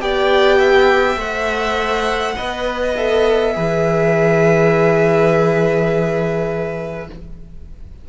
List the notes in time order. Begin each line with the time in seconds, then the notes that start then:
0.00 B3 G4 D5 G5
0.58 E5
1.16 A3 C5 F#5
2.36 B3 B4 D#5
2.96 A4 E5
3.53 E3 G#4 B4